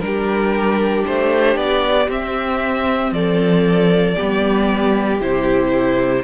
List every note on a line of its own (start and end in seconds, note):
0.00 1.04 G3
0.00 2.07 D4
0.00 3.14 G4
0.00 1.03 A#4
1.06 1.56 A3
1.06 1.57 C5
1.56 2.08 B3
1.56 2.08 D5
2.08 4.15 C4
2.08 3.11 C4
2.08 3.13 E5
3.11 4.15 F3
3.11 4.16 A4
3.11 5.20 D5
4.16 5.20 G3
4.16 5.20 B3
4.16 6.23 G4
5.20 6.23 C3
5.20 6.23 E4
5.20 6.23 C5